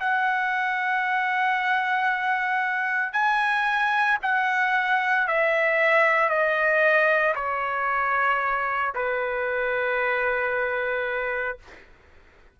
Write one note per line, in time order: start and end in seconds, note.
0.00 3.13 F#5
3.13 4.18 G#5
4.22 5.28 F#5
5.28 6.29 E5
6.29 7.34 D#5
7.35 8.93 C#5
8.95 11.58 B4